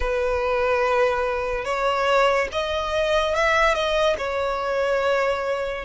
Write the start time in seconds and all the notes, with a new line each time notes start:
0.00 B4
1.64 C#5
2.52 D#5
3.35 E5
3.74 D#5
4.17 C#5